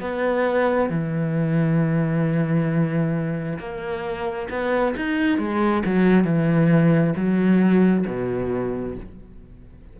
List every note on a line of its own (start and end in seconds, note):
0.00 0.90 B3
0.90 3.58 E3
3.59 4.48 A#3
4.49 4.94 B3
4.96 5.38 D#4
5.38 5.82 G#3
5.85 6.24 F#3
6.24 7.14 E3
7.15 8.05 F#3
8.07 8.96 B2